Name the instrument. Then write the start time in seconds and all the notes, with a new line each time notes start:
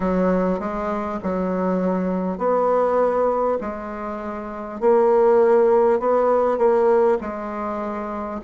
bassoon
0.00 F#3
0.59 G#3
1.22 F#3
2.37 B3
3.60 G#3
4.80 A#3
5.99 B3
6.57 A#3
7.20 G#3